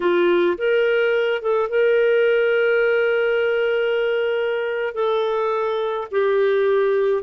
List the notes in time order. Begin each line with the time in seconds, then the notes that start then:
0.00 F4
0.57 A#4
1.42 A4
1.69 A#4
4.94 A4
6.11 G4